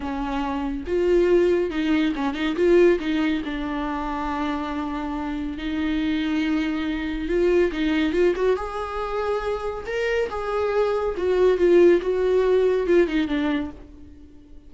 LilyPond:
\new Staff \with { instrumentName = "viola" } { \time 4/4 \tempo 4 = 140 cis'2 f'2 | dis'4 cis'8 dis'8 f'4 dis'4 | d'1~ | d'4 dis'2.~ |
dis'4 f'4 dis'4 f'8 fis'8 | gis'2. ais'4 | gis'2 fis'4 f'4 | fis'2 f'8 dis'8 d'4 | }